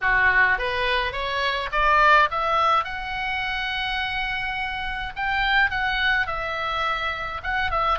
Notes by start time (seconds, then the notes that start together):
0.01 F#4
0.58 B4
1.12 C#5
1.71 D5
2.30 E5
2.84 F#5
5.16 G5
5.70 F#5
6.26 E5
7.43 F#5
7.70 E5